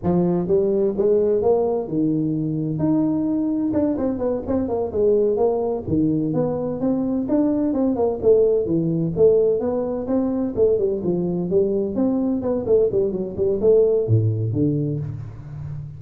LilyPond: \new Staff \with { instrumentName = "tuba" } { \time 4/4 \tempo 4 = 128 f4 g4 gis4 ais4 | dis2 dis'2 | d'8 c'8 b8 c'8 ais8 gis4 ais8~ | ais8 dis4 b4 c'4 d'8~ |
d'8 c'8 ais8 a4 e4 a8~ | a8 b4 c'4 a8 g8 f8~ | f8 g4 c'4 b8 a8 g8 | fis8 g8 a4 a,4 d4 | }